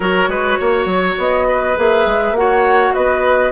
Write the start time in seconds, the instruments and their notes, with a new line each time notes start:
0.00 bassoon F#3, clarinet F#4, oboe A#4, flute C#5
0.27 bassoon G#3, oboe B4
0.58 bassoon A#3, oboe C#5
0.85 bassoon F#3
1.18 bassoon B3, flute D#5
1.48 oboe B4
1.77 bassoon A#3, clarinet G#4, flute E5
2.06 bassoon G#3
2.31 bassoon A#3, clarinet F#4, flute F#5
2.39 oboe C#5
2.93 bassoon B3, oboe B4, flute D#5